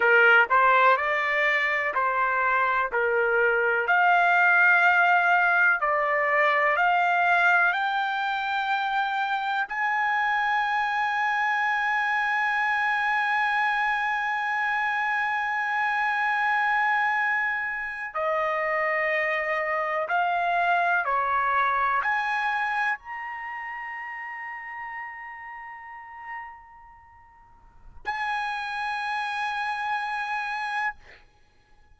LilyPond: \new Staff \with { instrumentName = "trumpet" } { \time 4/4 \tempo 4 = 62 ais'8 c''8 d''4 c''4 ais'4 | f''2 d''4 f''4 | g''2 gis''2~ | gis''1~ |
gis''2~ gis''8. dis''4~ dis''16~ | dis''8. f''4 cis''4 gis''4 ais''16~ | ais''1~ | ais''4 gis''2. | }